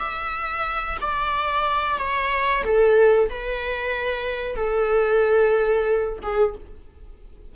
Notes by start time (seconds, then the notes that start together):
0.00 E5
1.02 D5
1.99 C#5
2.64 A4
3.30 B4
4.56 A4
6.23 G#4